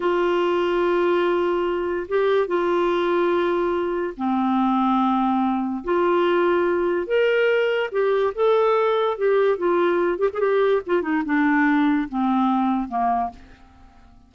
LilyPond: \new Staff \with { instrumentName = "clarinet" } { \time 4/4 \tempo 4 = 144 f'1~ | f'4 g'4 f'2~ | f'2 c'2~ | c'2 f'2~ |
f'4 ais'2 g'4 | a'2 g'4 f'4~ | f'8 g'16 gis'16 g'4 f'8 dis'8 d'4~ | d'4 c'2 ais4 | }